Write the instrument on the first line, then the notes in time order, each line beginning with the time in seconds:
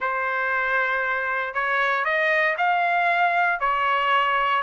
trumpet
0.00 C5
1.53 C#5
2.04 D#5
2.57 F5
3.60 C#5